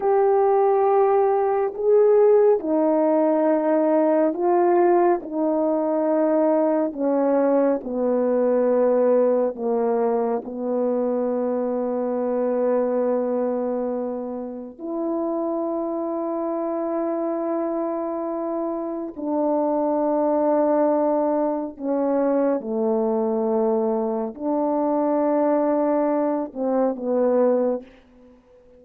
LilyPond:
\new Staff \with { instrumentName = "horn" } { \time 4/4 \tempo 4 = 69 g'2 gis'4 dis'4~ | dis'4 f'4 dis'2 | cis'4 b2 ais4 | b1~ |
b4 e'2.~ | e'2 d'2~ | d'4 cis'4 a2 | d'2~ d'8 c'8 b4 | }